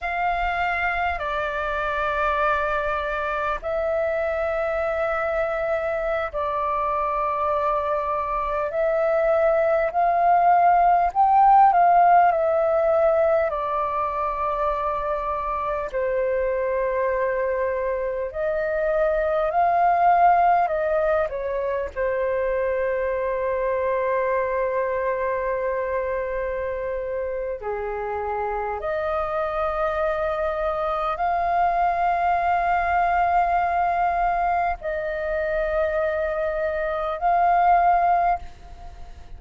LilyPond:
\new Staff \with { instrumentName = "flute" } { \time 4/4 \tempo 4 = 50 f''4 d''2 e''4~ | e''4~ e''16 d''2 e''8.~ | e''16 f''4 g''8 f''8 e''4 d''8.~ | d''4~ d''16 c''2 dis''8.~ |
dis''16 f''4 dis''8 cis''8 c''4.~ c''16~ | c''2. gis'4 | dis''2 f''2~ | f''4 dis''2 f''4 | }